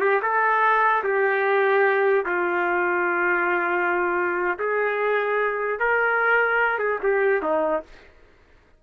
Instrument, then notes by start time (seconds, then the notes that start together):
trumpet
0.00 G4
0.22 A4
1.03 G4
2.25 F4
4.59 G#4
5.79 A#4
6.78 G#4
7.03 G4
7.42 D#4